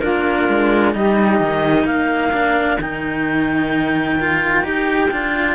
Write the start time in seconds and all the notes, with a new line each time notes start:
0.00 A#3 D4 F4 A#4
0.48 G#3
0.92 G3 D#4 G4 D#5
1.40 D#3
1.84 A#3 A#4 F5
2.32 D4
2.79 D#3 D#4 G5
4.20 F4
4.63 D#4 G4
5.11 D4 F4